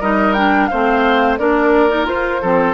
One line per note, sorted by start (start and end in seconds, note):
0.00 0.70 G3
0.00 0.36 D#4
0.00 0.69 A#4
0.00 0.33 D#5
0.33 0.70 D4
0.33 0.67 G5
0.67 1.39 A3
0.67 1.39 C4
0.67 1.39 C5
0.67 1.36 F5
1.38 2.07 A#3
1.38 1.89 D4
1.38 2.42 A#4
1.38 2.07 D5
1.89 2.05 D#4
2.05 2.39 F4
2.05 2.42 F4
2.05 2.74 C5
2.42 2.74 F3
2.42 2.74 C4
2.42 2.74 A4